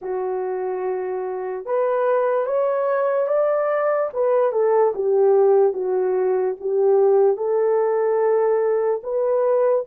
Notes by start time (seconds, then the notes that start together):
0.01 F#4
1.65 B4
2.45 C#5
3.27 D5
4.13 B4
4.52 A4
4.94 G4
5.73 F#4
6.60 G4
7.36 A4
9.03 B4